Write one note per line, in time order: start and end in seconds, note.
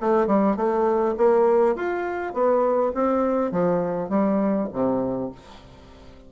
0.00 0.26 A3
0.26 0.56 G3
0.56 1.15 A3
1.17 1.75 A#3
1.75 2.33 F4
2.33 2.92 B3
2.94 3.51 C4
3.51 4.09 F3
4.09 4.68 G3
4.72 5.31 C3